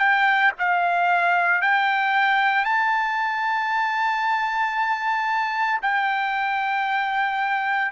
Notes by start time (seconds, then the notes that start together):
0.00 G5
0.59 F5
1.62 G5
2.65 A5
5.82 G5